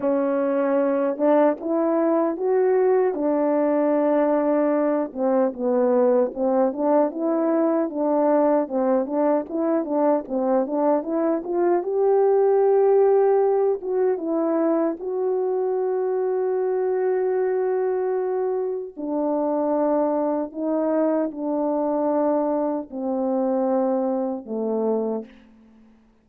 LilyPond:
\new Staff \with { instrumentName = "horn" } { \time 4/4 \tempo 4 = 76 cis'4. d'8 e'4 fis'4 | d'2~ d'8 c'8 b4 | c'8 d'8 e'4 d'4 c'8 d'8 | e'8 d'8 c'8 d'8 e'8 f'8 g'4~ |
g'4. fis'8 e'4 fis'4~ | fis'1 | d'2 dis'4 d'4~ | d'4 c'2 a4 | }